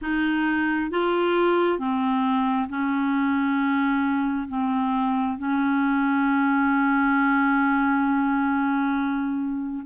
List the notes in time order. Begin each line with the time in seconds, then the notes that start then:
0.01 D#4
0.90 F4
1.79 C4
2.69 C#4
4.48 C4
5.38 C#4